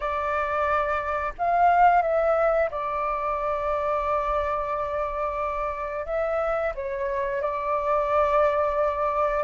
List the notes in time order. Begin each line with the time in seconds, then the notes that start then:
0.00 D5
1.38 F5
2.02 E5
2.70 D5
6.05 E5
6.74 C#5
7.41 D5